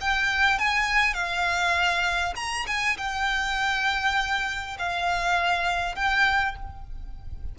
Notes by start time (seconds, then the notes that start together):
0.00 G5
0.58 G#5
1.13 F5
2.35 A#5
2.66 G#5
2.97 G5
4.78 F5
5.95 G5